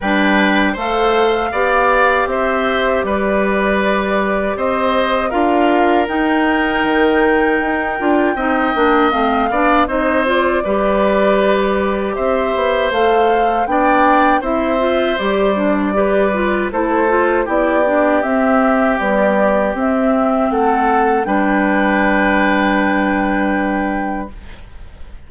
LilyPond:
<<
  \new Staff \with { instrumentName = "flute" } { \time 4/4 \tempo 4 = 79 g''4 f''2 e''4 | d''2 dis''4 f''4 | g''1 | f''4 dis''8 d''2~ d''8 |
e''4 f''4 g''4 e''4 | d''2 c''4 d''4 | e''4 d''4 e''4 fis''4 | g''1 | }
  \new Staff \with { instrumentName = "oboe" } { \time 4/4 b'4 c''4 d''4 c''4 | b'2 c''4 ais'4~ | ais'2. dis''4~ | dis''8 d''8 c''4 b'2 |
c''2 d''4 c''4~ | c''4 b'4 a'4 g'4~ | g'2. a'4 | b'1 | }
  \new Staff \with { instrumentName = "clarinet" } { \time 4/4 d'4 a'4 g'2~ | g'2. f'4 | dis'2~ dis'8 f'8 dis'8 d'8 | c'8 d'8 dis'8 f'8 g'2~ |
g'4 a'4 d'4 e'8 f'8 | g'8 d'8 g'8 f'8 e'8 f'8 e'8 d'8 | c'4 g4 c'2 | d'1 | }
  \new Staff \with { instrumentName = "bassoon" } { \time 4/4 g4 a4 b4 c'4 | g2 c'4 d'4 | dis'4 dis4 dis'8 d'8 c'8 ais8 | a8 b8 c'4 g2 |
c'8 b8 a4 b4 c'4 | g2 a4 b4 | c'4 b4 c'4 a4 | g1 | }
>>